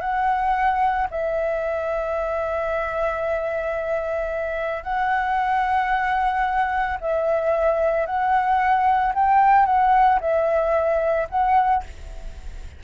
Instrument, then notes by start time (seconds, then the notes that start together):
flute
0.00 F#5
1.10 E5
4.83 F#5
7.00 E5
8.06 F#5
9.14 G5
9.66 F#5
10.20 E5
11.29 F#5